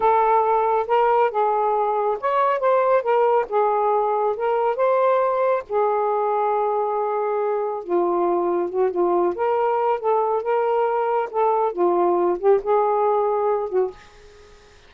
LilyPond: \new Staff \with { instrumentName = "saxophone" } { \time 4/4 \tempo 4 = 138 a'2 ais'4 gis'4~ | gis'4 cis''4 c''4 ais'4 | gis'2 ais'4 c''4~ | c''4 gis'2.~ |
gis'2 f'2 | fis'8 f'4 ais'4. a'4 | ais'2 a'4 f'4~ | f'8 g'8 gis'2~ gis'8 fis'8 | }